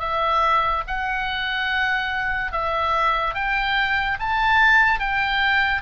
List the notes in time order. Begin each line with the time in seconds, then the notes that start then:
0.00 E5
0.87 F#5
2.53 E5
3.35 G5
4.20 A5
5.00 G5